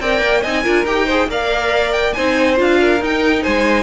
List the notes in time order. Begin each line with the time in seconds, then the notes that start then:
0.00 C4 A#4 D5 G5
0.21 A#3
0.41 C4 D#4 D#5 G#5
0.63 D4 F4 A#4
0.84 D#4 G4 G5
1.06 G#4 C5
1.26 A#3 A#4 D5 F5
1.92 G5
2.13 C4 D#4 C5 G#5
2.56 D4 F4 F5
2.81 A#4
3.00 D#4 G5
3.42 G#3 C5 G#5